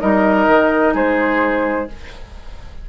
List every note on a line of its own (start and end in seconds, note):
0.00 0.47 G3
0.00 1.88 D#4
0.00 0.94 A#4
0.00 0.95 D#5
0.47 0.94 D#3
0.94 1.88 G#3
0.94 1.88 G#4
0.94 1.90 C5